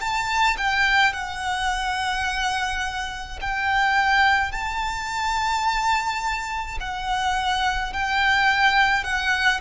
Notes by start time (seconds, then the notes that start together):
0.00 A5
0.57 G5
1.13 F#5
3.41 G5
4.52 A5
6.80 F#5
7.93 G5
9.04 F#5